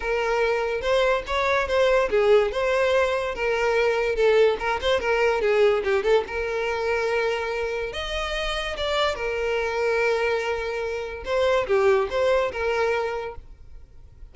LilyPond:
\new Staff \with { instrumentName = "violin" } { \time 4/4 \tempo 4 = 144 ais'2 c''4 cis''4 | c''4 gis'4 c''2 | ais'2 a'4 ais'8 c''8 | ais'4 gis'4 g'8 a'8 ais'4~ |
ais'2. dis''4~ | dis''4 d''4 ais'2~ | ais'2. c''4 | g'4 c''4 ais'2 | }